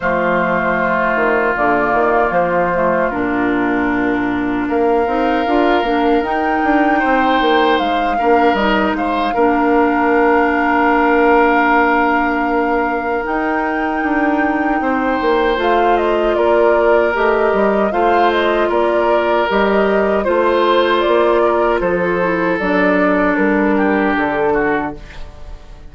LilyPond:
<<
  \new Staff \with { instrumentName = "flute" } { \time 4/4 \tempo 4 = 77 c''2 d''4 c''4 | ais'2 f''2 | g''2 f''4 dis''8 f''8~ | f''1~ |
f''4 g''2. | f''8 dis''8 d''4 dis''4 f''8 dis''8 | d''4 dis''4 c''4 d''4 | c''4 d''4 ais'4 a'4 | }
  \new Staff \with { instrumentName = "oboe" } { \time 4/4 f'1~ | f'2 ais'2~ | ais'4 c''4. ais'4 c''8 | ais'1~ |
ais'2. c''4~ | c''4 ais'2 c''4 | ais'2 c''4. ais'8 | a'2~ a'8 g'4 fis'8 | }
  \new Staff \with { instrumentName = "clarinet" } { \time 4/4 a2 ais4. a8 | d'2~ d'8 dis'8 f'8 d'8 | dis'2~ dis'8 d'8 dis'4 | d'1~ |
d'4 dis'2. | f'2 g'4 f'4~ | f'4 g'4 f'2~ | f'8 e'8 d'2. | }
  \new Staff \with { instrumentName = "bassoon" } { \time 4/4 f4. dis8 d8 dis8 f4 | ais,2 ais8 c'8 d'8 ais8 | dis'8 d'8 c'8 ais8 gis8 ais8 g8 gis8 | ais1~ |
ais4 dis'4 d'4 c'8 ais8 | a4 ais4 a8 g8 a4 | ais4 g4 a4 ais4 | f4 fis4 g4 d4 | }
>>